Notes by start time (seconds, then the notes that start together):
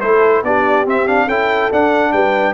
0.00 A3 E4 A4 C5
0.43 B3 D4 G4 D5
0.85 C4 E5
1.06 D4 F5
1.26 C#4 E4 A4 G5
1.71 D4 F#5
2.12 G3 B4 G5